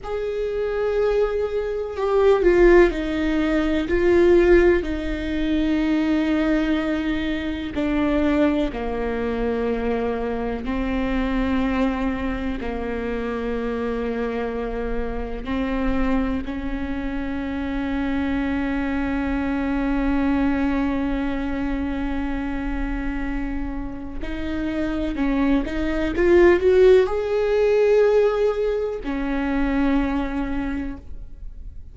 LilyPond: \new Staff \with { instrumentName = "viola" } { \time 4/4 \tempo 4 = 62 gis'2 g'8 f'8 dis'4 | f'4 dis'2. | d'4 ais2 c'4~ | c'4 ais2. |
c'4 cis'2.~ | cis'1~ | cis'4 dis'4 cis'8 dis'8 f'8 fis'8 | gis'2 cis'2 | }